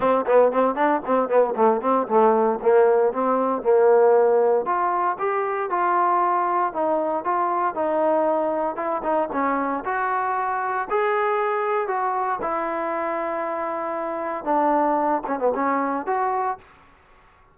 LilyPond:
\new Staff \with { instrumentName = "trombone" } { \time 4/4 \tempo 4 = 116 c'8 b8 c'8 d'8 c'8 b8 a8 c'8 | a4 ais4 c'4 ais4~ | ais4 f'4 g'4 f'4~ | f'4 dis'4 f'4 dis'4~ |
dis'4 e'8 dis'8 cis'4 fis'4~ | fis'4 gis'2 fis'4 | e'1 | d'4. cis'16 b16 cis'4 fis'4 | }